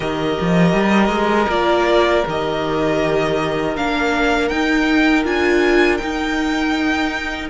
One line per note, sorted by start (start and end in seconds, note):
0.00 0.38 D#3
0.00 1.48 G4
0.00 7.50 A#4
0.00 1.50 D#5
0.40 0.73 F3
0.73 1.09 G3
1.09 1.46 G#3
1.48 2.23 A#3
1.48 2.23 F4
1.48 2.25 D5
2.26 3.76 D#3
2.26 3.75 G4
2.26 3.76 D#5
3.75 4.50 A#3
3.75 4.50 D4
3.75 4.48 F5
4.48 5.24 D#4
4.48 5.25 D#4
4.48 5.23 G5
5.24 6.00 D4
5.24 5.99 F4
5.24 5.97 G#5
5.97 7.49 D#4
5.97 7.50 D#4
5.97 7.47 G5